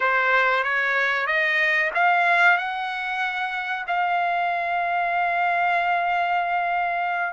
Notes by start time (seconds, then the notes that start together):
0.00 C5
0.63 C#5
1.26 D#5
1.94 F5
2.57 F#5
3.87 F5